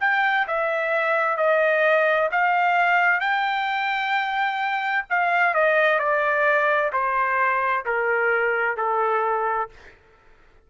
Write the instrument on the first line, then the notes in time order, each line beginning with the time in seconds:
trumpet
0.00 G5
0.47 E5
1.37 D#5
2.31 F5
3.20 G5
5.09 F5
5.54 D#5
5.99 D5
6.92 C5
7.85 A#4
8.77 A4